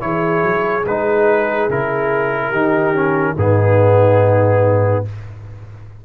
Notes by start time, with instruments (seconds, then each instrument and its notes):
0.00 tuba E3, trombone E4, horn G#4, trumpet C#5
0.43 tuba F#3
0.85 tuba G#3, trombone D#4, trumpet B4
1.69 tuba C#3, trombone E4, trumpet A#4
2.50 tuba D#3, trombone D#4, horn G4
2.94 trombone C#4
3.37 tuba G#2, trombone B3, horn D#4, trumpet G#4